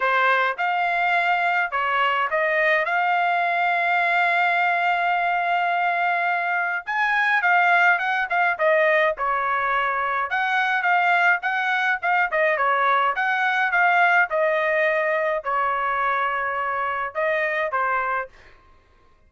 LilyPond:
\new Staff \with { instrumentName = "trumpet" } { \time 4/4 \tempo 4 = 105 c''4 f''2 cis''4 | dis''4 f''2.~ | f''1 | gis''4 f''4 fis''8 f''8 dis''4 |
cis''2 fis''4 f''4 | fis''4 f''8 dis''8 cis''4 fis''4 | f''4 dis''2 cis''4~ | cis''2 dis''4 c''4 | }